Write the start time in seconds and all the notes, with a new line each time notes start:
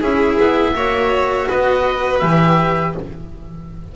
0.00 C#4 E4 G#4 E5
0.39 B3
0.74 A#3 F#4 C#5
1.48 B3 B4 D#5
2.19 E3 G4 E5